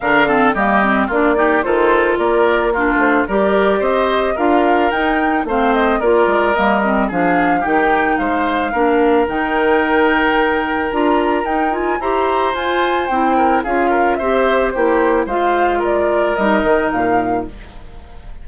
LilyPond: <<
  \new Staff \with { instrumentName = "flute" } { \time 4/4 \tempo 4 = 110 f''4 dis''4 d''4 c''4 | d''4 ais'8 c''8 d''4 dis''4 | f''4 g''4 f''8 dis''8 d''4 | dis''4 f''4 g''4 f''4~ |
f''4 g''2. | ais''4 g''8 gis''8 ais''4 gis''4 | g''4 f''4 e''4 c''4 | f''4 d''4 dis''4 f''4 | }
  \new Staff \with { instrumentName = "oboe" } { \time 4/4 ais'8 a'8 g'4 f'8 g'8 a'4 | ais'4 f'4 ais'4 c''4 | ais'2 c''4 ais'4~ | ais'4 gis'4 g'4 c''4 |
ais'1~ | ais'2 c''2~ | c''8 ais'8 gis'8 ais'8 c''4 g'4 | c''4 ais'2. | }
  \new Staff \with { instrumentName = "clarinet" } { \time 4/4 d'8 c'8 ais8 c'8 d'8 dis'8 f'4~ | f'4 d'4 g'2 | f'4 dis'4 c'4 f'4 | ais8 c'8 d'4 dis'2 |
d'4 dis'2. | f'4 dis'8 f'8 g'4 f'4 | e'4 f'4 g'4 e'4 | f'2 dis'2 | }
  \new Staff \with { instrumentName = "bassoon" } { \time 4/4 d4 g4 ais4 dis4 | ais4. a8 g4 c'4 | d'4 dis'4 a4 ais8 gis8 | g4 f4 dis4 gis4 |
ais4 dis2. | d'4 dis'4 e'4 f'4 | c'4 cis'4 c'4 ais4 | gis2 g8 dis8 ais,4 | }
>>